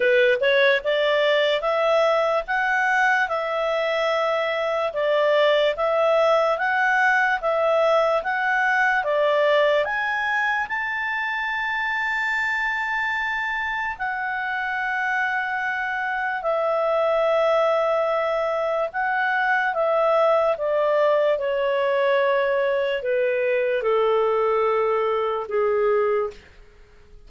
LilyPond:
\new Staff \with { instrumentName = "clarinet" } { \time 4/4 \tempo 4 = 73 b'8 cis''8 d''4 e''4 fis''4 | e''2 d''4 e''4 | fis''4 e''4 fis''4 d''4 | gis''4 a''2.~ |
a''4 fis''2. | e''2. fis''4 | e''4 d''4 cis''2 | b'4 a'2 gis'4 | }